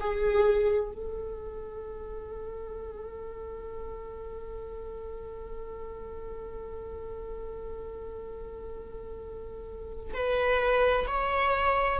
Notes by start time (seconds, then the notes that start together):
0.00 G#4
0.92 A4
10.14 B4
11.07 C#5